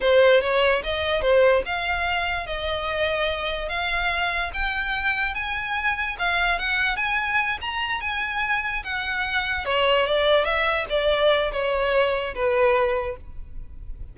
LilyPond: \new Staff \with { instrumentName = "violin" } { \time 4/4 \tempo 4 = 146 c''4 cis''4 dis''4 c''4 | f''2 dis''2~ | dis''4 f''2 g''4~ | g''4 gis''2 f''4 |
fis''4 gis''4. ais''4 gis''8~ | gis''4. fis''2 cis''8~ | cis''8 d''4 e''4 d''4. | cis''2 b'2 | }